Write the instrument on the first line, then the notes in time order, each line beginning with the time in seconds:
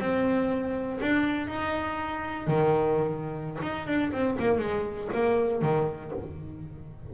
double bass
0.00 C4
1.01 D4
1.47 D#4
2.47 D#3
3.62 D#4
3.87 D4
4.12 C4
4.39 A#3
4.59 G#3
5.14 A#3
5.62 D#3